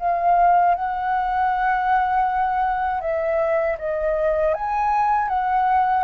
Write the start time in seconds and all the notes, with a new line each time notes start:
0.00 F5
0.75 F#5
3.01 E5
3.79 D#5
4.54 G#5
5.29 F#5